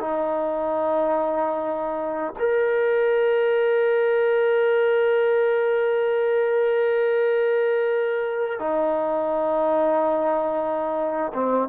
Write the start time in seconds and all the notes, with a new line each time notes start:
0.00 D#4
2.39 A#4
8.59 D#4
11.34 C4